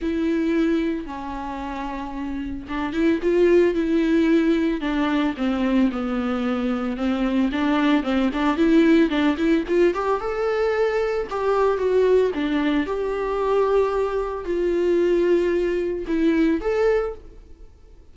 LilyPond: \new Staff \with { instrumentName = "viola" } { \time 4/4 \tempo 4 = 112 e'2 cis'2~ | cis'4 d'8 e'8 f'4 e'4~ | e'4 d'4 c'4 b4~ | b4 c'4 d'4 c'8 d'8 |
e'4 d'8 e'8 f'8 g'8 a'4~ | a'4 g'4 fis'4 d'4 | g'2. f'4~ | f'2 e'4 a'4 | }